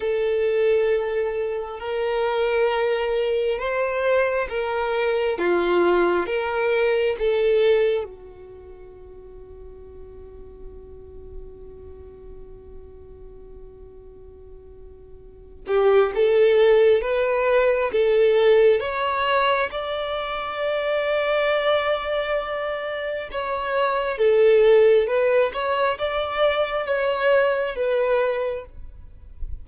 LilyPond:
\new Staff \with { instrumentName = "violin" } { \time 4/4 \tempo 4 = 67 a'2 ais'2 | c''4 ais'4 f'4 ais'4 | a'4 fis'2.~ | fis'1~ |
fis'4. g'8 a'4 b'4 | a'4 cis''4 d''2~ | d''2 cis''4 a'4 | b'8 cis''8 d''4 cis''4 b'4 | }